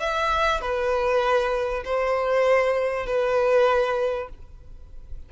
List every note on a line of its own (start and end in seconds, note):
0.00 0.61 E5
0.61 1.83 B4
1.85 3.06 C5
3.06 4.29 B4